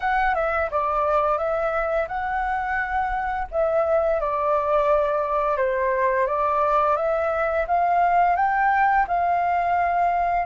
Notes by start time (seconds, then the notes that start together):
0.00 F#5
0.35 E5
0.70 D5
1.38 E5
2.08 F#5
3.51 E5
4.20 D5
5.57 C5
6.27 D5
6.96 E5
7.67 F5
8.36 G5
9.07 F5